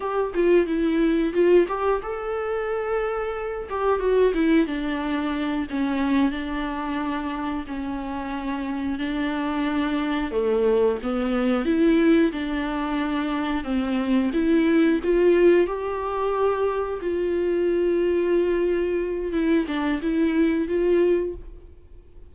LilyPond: \new Staff \with { instrumentName = "viola" } { \time 4/4 \tempo 4 = 90 g'8 f'8 e'4 f'8 g'8 a'4~ | a'4. g'8 fis'8 e'8 d'4~ | d'8 cis'4 d'2 cis'8~ | cis'4. d'2 a8~ |
a8 b4 e'4 d'4.~ | d'8 c'4 e'4 f'4 g'8~ | g'4. f'2~ f'8~ | f'4 e'8 d'8 e'4 f'4 | }